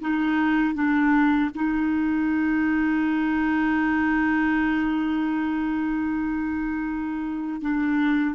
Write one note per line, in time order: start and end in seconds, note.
0.00 0.74 D#4
0.74 1.50 D4
1.54 7.61 D#4
7.61 8.35 D4